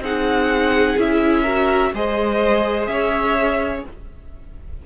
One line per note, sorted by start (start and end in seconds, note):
0.00 0.95 C4
0.00 0.98 D#4
0.00 1.43 G#4
0.00 0.99 F#5
0.97 1.93 C#4
0.97 1.46 E4
0.97 1.95 E5
1.43 1.94 F#4
1.43 1.91 A#4
1.93 2.88 G#3
1.93 3.85 G#4
1.93 2.90 C5
1.93 2.87 D#5
2.87 3.83 C#4
2.87 3.87 C#5
2.87 3.82 E5